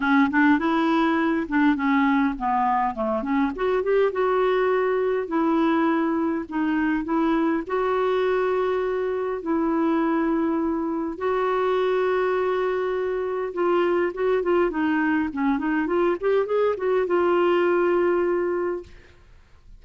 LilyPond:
\new Staff \with { instrumentName = "clarinet" } { \time 4/4 \tempo 4 = 102 cis'8 d'8 e'4. d'8 cis'4 | b4 a8 cis'8 fis'8 g'8 fis'4~ | fis'4 e'2 dis'4 | e'4 fis'2. |
e'2. fis'4~ | fis'2. f'4 | fis'8 f'8 dis'4 cis'8 dis'8 f'8 g'8 | gis'8 fis'8 f'2. | }